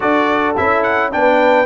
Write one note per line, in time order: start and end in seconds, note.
0.00 0.57 D4
0.00 0.55 F#4
0.00 1.12 A4
0.00 0.55 D5
0.56 1.14 C#4
0.56 1.12 E4
0.56 0.82 E5
0.82 1.10 F#5
1.12 1.65 B3
1.12 1.65 D4
1.12 1.65 B4
1.12 1.65 G5